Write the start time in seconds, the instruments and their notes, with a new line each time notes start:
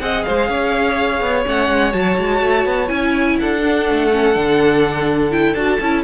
0.00 cello C4, viola G#4, violin D#5 F#5
0.23 cello G#3, violin C5 F5
0.48 cello C#4, violin C#5
1.21 cello B3
1.45 cello A3, viola C#4, violin F#5
1.69 cello G#3
1.92 cello F#3, viola F#4, violin A5
2.18 cello G#3
2.41 cello A3
2.65 cello B3
2.87 cello C#4, viola E4, violin G#5
3.39 cello D4, violin A4 F#5
3.63 viola D4
3.90 cello A3
4.12 viola C#4
4.34 cello D3, viola D4
5.31 viola E4, violin G5
5.54 cello D4, viola F#4, violin A5
5.80 cello C#4, viola E4